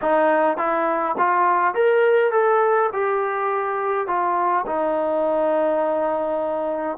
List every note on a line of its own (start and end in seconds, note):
0.01 0.57 D#4
0.57 1.15 E4
1.18 1.74 F4
1.74 2.31 A#4
2.31 2.90 A4
2.93 4.07 G4
4.07 4.65 F4
4.66 6.97 D#4